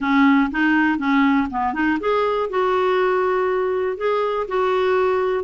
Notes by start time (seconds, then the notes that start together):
0.00 C#4
0.51 D#4
0.98 C#4
1.50 B3
1.73 D#4
2.00 G#4
2.49 F#4
3.97 G#4
4.47 F#4